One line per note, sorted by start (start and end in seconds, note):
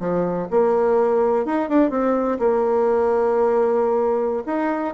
0.00 0.48 F3
0.51 1.46 A#3
1.46 1.69 D#4
1.69 1.91 D4
1.91 2.39 C4
2.39 4.43 A#3
4.47 4.94 D#4